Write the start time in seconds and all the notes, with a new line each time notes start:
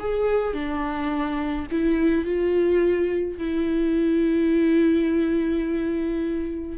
0.00 G#4
0.54 D4
1.72 E4
2.25 F4
3.39 E4